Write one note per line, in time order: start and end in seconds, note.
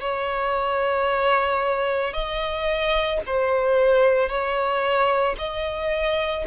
0.00 2.13 C#5
2.13 3.20 D#5
3.26 4.29 C5
4.29 5.36 C#5
5.38 6.45 D#5